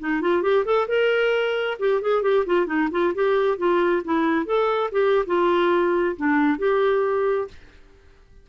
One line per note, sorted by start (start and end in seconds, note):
0.00 0.22 D#4
0.22 0.43 F4
0.43 0.65 G4
0.66 0.88 A4
0.88 1.78 A#4
1.80 2.02 G4
2.02 2.23 G#4
2.23 2.45 G4
2.46 2.67 F4
2.67 2.89 D#4
2.91 3.14 F4
3.15 3.58 G4
3.58 4.03 F4
4.05 4.46 E4
4.46 4.91 A4
4.92 5.26 G4
5.27 6.16 F4
6.17 6.59 D4
6.59 7.48 G4